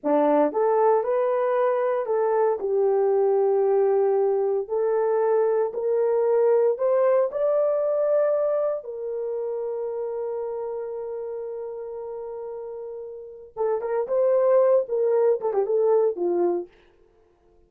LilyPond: \new Staff \with { instrumentName = "horn" } { \time 4/4 \tempo 4 = 115 d'4 a'4 b'2 | a'4 g'2.~ | g'4 a'2 ais'4~ | ais'4 c''4 d''2~ |
d''4 ais'2.~ | ais'1~ | ais'2 a'8 ais'8 c''4~ | c''8 ais'4 a'16 g'16 a'4 f'4 | }